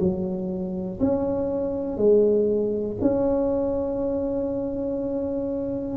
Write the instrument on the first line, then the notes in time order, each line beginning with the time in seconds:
tuba
0.00 F#3
1.00 C#4
1.97 G#3
3.01 C#4